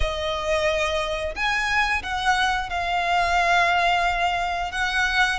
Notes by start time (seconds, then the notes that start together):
0.00 D#5
1.35 G#5
2.02 F#5
2.69 F5
4.71 F#5